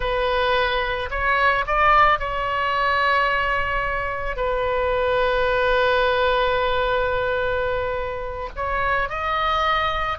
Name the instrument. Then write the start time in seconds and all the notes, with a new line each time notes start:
oboe
0.00 B4
1.10 C#5
1.66 D5
2.19 C#5
4.36 B4
8.56 C#5
9.09 D#5